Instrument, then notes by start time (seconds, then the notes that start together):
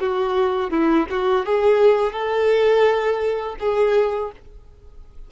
violin
0.00 F#4
0.70 E4
1.10 F#4
1.46 G#4
2.13 A4
3.60 G#4